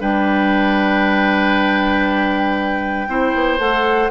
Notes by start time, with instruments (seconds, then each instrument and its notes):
0.00 bassoon G3, clarinet D4, oboe B4, flute G5
3.07 bassoon C4, clarinet E4, oboe C5
3.34 bassoon B3
3.58 bassoon A3, clarinet A4, flute F#5